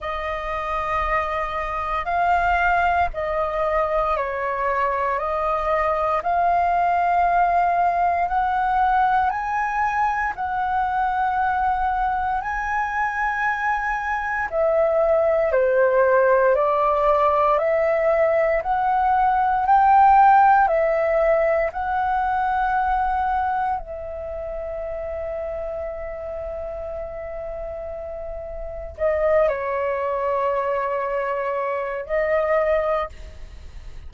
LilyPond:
\new Staff \with { instrumentName = "flute" } { \time 4/4 \tempo 4 = 58 dis''2 f''4 dis''4 | cis''4 dis''4 f''2 | fis''4 gis''4 fis''2 | gis''2 e''4 c''4 |
d''4 e''4 fis''4 g''4 | e''4 fis''2 e''4~ | e''1 | dis''8 cis''2~ cis''8 dis''4 | }